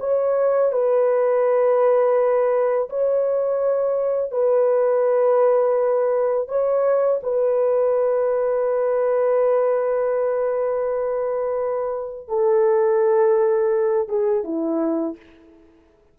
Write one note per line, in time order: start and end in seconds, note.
0.00 0.72 C#5
0.72 2.89 B4
2.89 4.31 C#5
4.31 6.48 B4
6.48 7.21 C#5
7.23 12.28 B4
12.28 14.09 A4
14.09 14.44 G#4
14.44 15.16 E4